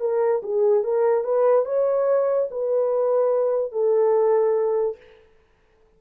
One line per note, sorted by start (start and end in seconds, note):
0.00 0.42 A#4
0.43 0.84 G#4
0.84 1.24 A#4
1.24 1.66 B4
1.66 2.49 C#5
2.51 3.72 B4
3.72 4.97 A4